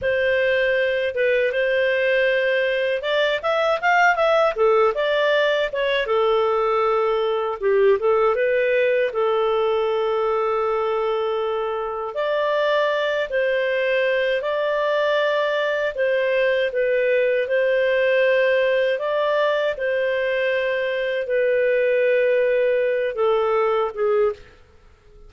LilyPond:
\new Staff \with { instrumentName = "clarinet" } { \time 4/4 \tempo 4 = 79 c''4. b'8 c''2 | d''8 e''8 f''8 e''8 a'8 d''4 cis''8 | a'2 g'8 a'8 b'4 | a'1 |
d''4. c''4. d''4~ | d''4 c''4 b'4 c''4~ | c''4 d''4 c''2 | b'2~ b'8 a'4 gis'8 | }